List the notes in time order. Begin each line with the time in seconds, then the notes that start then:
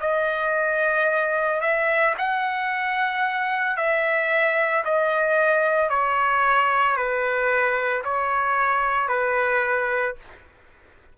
0.00 D#5
1.61 E5
2.18 F#5
3.76 E5
4.85 D#5
5.89 C#5
6.96 B4
8.05 C#5
9.08 B4